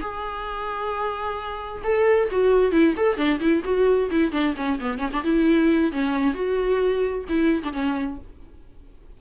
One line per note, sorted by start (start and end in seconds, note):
0.00 1.82 G#4
1.83 2.29 A4
2.31 2.71 F#4
2.71 2.94 E4
2.96 3.17 A4
3.17 3.39 D4
3.40 3.62 E4
3.64 4.09 F#4
4.11 4.32 E4
4.32 4.54 D4
4.56 4.79 C#4
4.80 4.98 B3
4.98 5.10 C#4
5.12 5.23 D4
5.23 5.92 E4
5.92 6.33 C#4
6.33 7.24 F#4
7.29 7.63 E4
7.63 7.72 D4
7.72 8.18 C#4